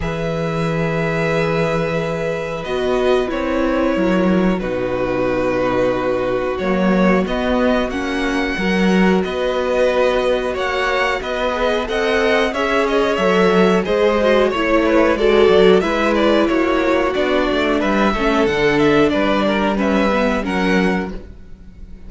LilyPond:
<<
  \new Staff \with { instrumentName = "violin" } { \time 4/4 \tempo 4 = 91 e''1 | dis''4 cis''2 b'4~ | b'2 cis''4 dis''4 | fis''2 dis''2 |
fis''4 dis''4 fis''4 e''8 dis''8 | e''4 dis''4 cis''4 d''4 | e''8 d''8 cis''4 d''4 e''4 | fis''8 e''8 d''4 e''4 fis''4 | }
  \new Staff \with { instrumentName = "violin" } { \time 4/4 b'1~ | b'2 ais'4 fis'4~ | fis'1~ | fis'4 ais'4 b'2 |
cis''4 b'4 dis''4 cis''4~ | cis''4 c''4 cis''8 b'8 a'4 | b'4 fis'2 b'8 a'8~ | a'4 b'8 ais'8 b'4 ais'4 | }
  \new Staff \with { instrumentName = "viola" } { \time 4/4 gis'1 | fis'4 e'2 dis'4~ | dis'2 ais4 b4 | cis'4 fis'2.~ |
fis'4. gis'8 a'4 gis'4 | a'4 gis'8 fis'8 e'4 fis'4 | e'2 d'4. cis'8 | d'2 cis'8 b8 cis'4 | }
  \new Staff \with { instrumentName = "cello" } { \time 4/4 e1 | b4 c'4 fis4 b,4~ | b,2 fis4 b4 | ais4 fis4 b2 |
ais4 b4 c'4 cis'4 | fis4 gis4 a4 gis8 fis8 | gis4 ais4 b8 a8 g8 a8 | d4 g2 fis4 | }
>>